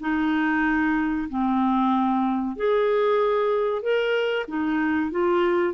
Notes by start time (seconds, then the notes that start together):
0.00 D#4
1.29 C4
2.56 G#4
3.82 A#4
4.47 D#4
5.11 F4